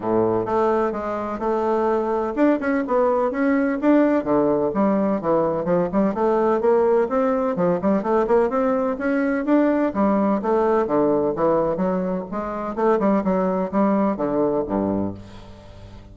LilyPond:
\new Staff \with { instrumentName = "bassoon" } { \time 4/4 \tempo 4 = 127 a,4 a4 gis4 a4~ | a4 d'8 cis'8 b4 cis'4 | d'4 d4 g4 e4 | f8 g8 a4 ais4 c'4 |
f8 g8 a8 ais8 c'4 cis'4 | d'4 g4 a4 d4 | e4 fis4 gis4 a8 g8 | fis4 g4 d4 g,4 | }